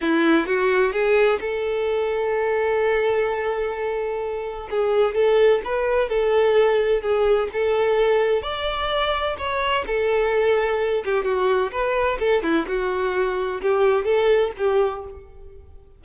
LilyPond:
\new Staff \with { instrumentName = "violin" } { \time 4/4 \tempo 4 = 128 e'4 fis'4 gis'4 a'4~ | a'1~ | a'2 gis'4 a'4 | b'4 a'2 gis'4 |
a'2 d''2 | cis''4 a'2~ a'8 g'8 | fis'4 b'4 a'8 e'8 fis'4~ | fis'4 g'4 a'4 g'4 | }